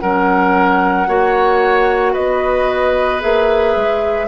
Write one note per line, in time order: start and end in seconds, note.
0.00 1.08 F#3
0.00 1.07 C#4
0.00 1.08 A#4
0.00 2.14 F#5
1.07 2.15 A#3
1.07 3.20 F#4
1.07 2.12 C#5
2.12 3.23 B3
2.12 4.27 B4
2.12 3.21 D#5
3.20 3.76 A#3
3.20 4.27 G#4
3.20 4.28 E5
3.76 4.28 G#3